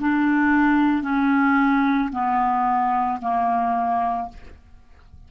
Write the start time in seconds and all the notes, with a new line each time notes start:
0.00 D4
1.03 C#4
2.12 B3
3.21 A#3